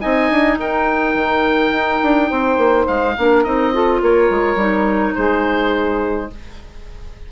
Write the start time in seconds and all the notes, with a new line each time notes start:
0.00 C4 D#4 D#5 G#5
0.30 D4
0.57 D#4 A#4 G5
1.14 D#3
1.71 D#4
2.02 D4
2.29 C4 C5
2.57 A#3
2.87 G#3 F5
3.16 A#3 D4 A#4
3.44 C4 D#4 D#5
3.72 F4 A4
4.01 A#3 A#4 C#5
4.29 G#3
4.55 G3 D#4
5.14 G#3 G#4 C5